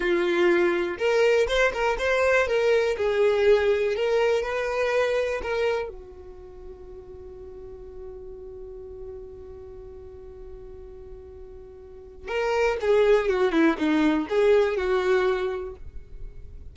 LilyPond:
\new Staff \with { instrumentName = "violin" } { \time 4/4 \tempo 4 = 122 f'2 ais'4 c''8 ais'8 | c''4 ais'4 gis'2 | ais'4 b'2 ais'4 | fis'1~ |
fis'1~ | fis'1~ | fis'4 ais'4 gis'4 fis'8 e'8 | dis'4 gis'4 fis'2 | }